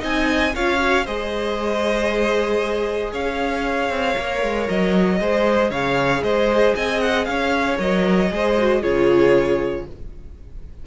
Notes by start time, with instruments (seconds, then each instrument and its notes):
0.00 cello C4, viola D#4, violin D#5 G#5
0.56 cello C#4, viola F4, violin C#5 F5
0.78 viola F#4
1.05 cello G#3, viola G#4, violin C5 D#5
3.12 cello C#4, violin C#5 F5
3.90 cello C4
4.15 cello A#3, viola A#4
4.43 cello G#3
4.69 cello F#3, violin D#5
5.20 cello G#3, viola G#4, violin C5
5.71 cello C#3, violin C#5 F5
6.23 cello G#3, violin C5 D#5
6.76 cello C4, violin D#5 G#5
7.01 violin F#5
7.25 cello C#4, violin C#5 F5
7.78 cello F#3, viola A#4, violin D#5
8.31 cello G#3, viola G#4, violin C5
8.58 viola F#4
8.82 cello C#3, viola F4, violin G#4 C#5